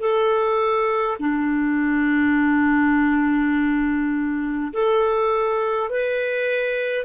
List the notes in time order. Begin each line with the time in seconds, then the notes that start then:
0.00 A4
1.19 D4
4.73 A4
5.90 B4